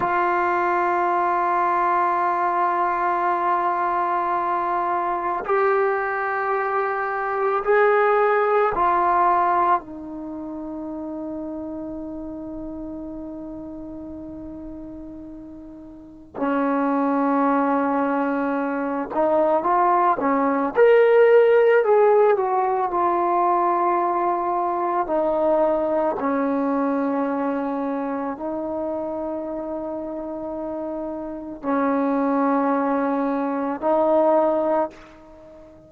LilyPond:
\new Staff \with { instrumentName = "trombone" } { \time 4/4 \tempo 4 = 55 f'1~ | f'4 g'2 gis'4 | f'4 dis'2.~ | dis'2. cis'4~ |
cis'4. dis'8 f'8 cis'8 ais'4 | gis'8 fis'8 f'2 dis'4 | cis'2 dis'2~ | dis'4 cis'2 dis'4 | }